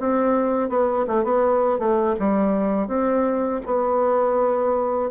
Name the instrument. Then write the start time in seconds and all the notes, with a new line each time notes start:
bassoon
0.00 C4
0.69 B3
1.07 A3
1.24 B3
1.79 A3
2.19 G3
2.88 C4
3.66 B3